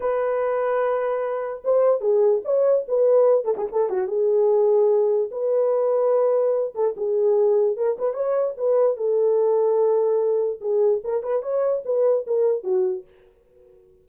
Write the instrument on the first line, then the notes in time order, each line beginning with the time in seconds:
horn
0.00 B4
1.64 C5
2.00 G#4
2.44 C#5
2.88 B4
3.45 A4
3.57 G#4
3.72 A4
3.89 F#4
4.07 G#4
5.31 B4
6.75 A4
6.97 G#4
7.76 A#4
7.98 B4
8.13 C#5
8.57 B4
8.96 A4
10.60 G#4
11.04 A#4
11.22 B4
11.42 C#5
11.85 B4
12.27 A#4
12.63 F#4